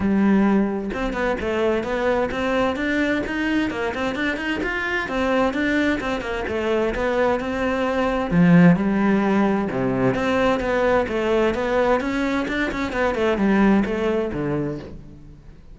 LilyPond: \new Staff \with { instrumentName = "cello" } { \time 4/4 \tempo 4 = 130 g2 c'8 b8 a4 | b4 c'4 d'4 dis'4 | ais8 c'8 d'8 dis'8 f'4 c'4 | d'4 c'8 ais8 a4 b4 |
c'2 f4 g4~ | g4 c4 c'4 b4 | a4 b4 cis'4 d'8 cis'8 | b8 a8 g4 a4 d4 | }